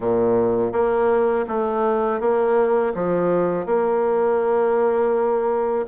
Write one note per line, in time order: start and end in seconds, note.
0.00 0.72 A#2
0.72 1.45 A#3
1.47 2.20 A3
2.20 2.93 A#3
2.94 3.66 F3
3.66 5.85 A#3